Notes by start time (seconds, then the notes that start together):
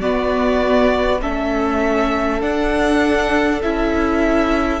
0.00 B3 F#4 D5
1.21 A3 C#4 A4 E5
2.41 D4 F#5
3.62 C#4 E4 E5